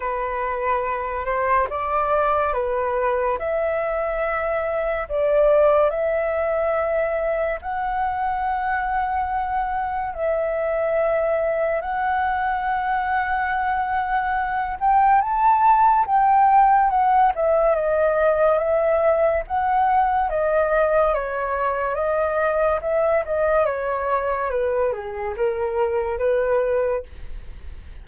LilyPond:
\new Staff \with { instrumentName = "flute" } { \time 4/4 \tempo 4 = 71 b'4. c''8 d''4 b'4 | e''2 d''4 e''4~ | e''4 fis''2. | e''2 fis''2~ |
fis''4. g''8 a''4 g''4 | fis''8 e''8 dis''4 e''4 fis''4 | dis''4 cis''4 dis''4 e''8 dis''8 | cis''4 b'8 gis'8 ais'4 b'4 | }